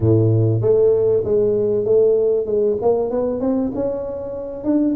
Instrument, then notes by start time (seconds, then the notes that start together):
tuba
0.00 A2
0.61 A3
1.24 G#3
1.84 A3
2.46 G#3
2.81 A#3
3.10 B3
3.40 C4
3.74 C#4
4.63 D4